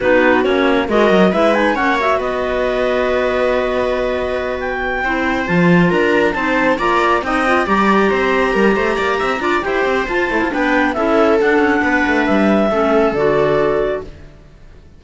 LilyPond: <<
  \new Staff \with { instrumentName = "clarinet" } { \time 4/4 \tempo 4 = 137 b'4 cis''4 dis''4 e''8 gis''8 | fis''8 e''8 dis''2.~ | dis''2~ dis''8 g''4.~ | g''8 a''4 ais''4 a''4 ais''8~ |
ais''8 g''4 ais''2~ ais''8~ | ais''2 g''4 a''4 | g''4 e''4 fis''2 | e''2 d''2 | }
  \new Staff \with { instrumentName = "viola" } { \time 4/4 fis'2 ais'4 b'4 | cis''4 b'2.~ | b'2.~ b'8 c''8~ | c''4. ais'4 c''4 d''8~ |
d''8 dis''4 d''4 c''4 ais'8 | c''8 d''8 e''8 d''8 c''2 | b'4 a'2 b'4~ | b'4 a'2. | }
  \new Staff \with { instrumentName = "clarinet" } { \time 4/4 dis'4 cis'4 fis'4 e'8 dis'8 | cis'8 fis'2.~ fis'8~ | fis'2.~ fis'8 e'8~ | e'8 f'2 dis'4 f'8~ |
f'8 dis'8 f'8 g'2~ g'8~ | g'4. f'8 g'4 f'8 e'8 | d'4 e'4 d'2~ | d'4 cis'4 fis'2 | }
  \new Staff \with { instrumentName = "cello" } { \time 4/4 b4 ais4 gis8 fis8 gis4 | ais4 b2.~ | b2.~ b8 c'8~ | c'8 f4 d'4 c'4 ais8~ |
ais8 c'4 g4 c'4 g8 | a8 ais8 c'8 d'8 e'8 c'8 f'8 a16 f'16 | b4 cis'4 d'8 cis'8 b8 a8 | g4 a4 d2 | }
>>